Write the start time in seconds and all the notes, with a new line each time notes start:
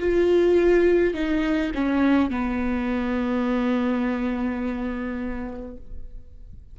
0.00 F4
1.14 D#4
1.75 C#4
2.31 B3